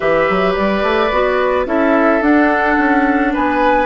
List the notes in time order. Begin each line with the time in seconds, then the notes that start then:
0.00 E3 G4 B4 E5
0.29 F#3
0.55 G3 D5
0.82 A3
1.11 B3 F#4
1.66 C#4 E4 A4 E5
2.21 D4 F#5
2.78 C#4
3.33 B3 B4 G#5